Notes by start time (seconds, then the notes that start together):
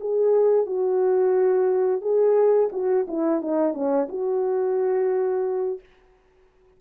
0.00 G#4
0.66 F#4
2.01 G#4
2.72 F#4
3.07 E4
3.41 D#4
3.73 C#4
4.09 F#4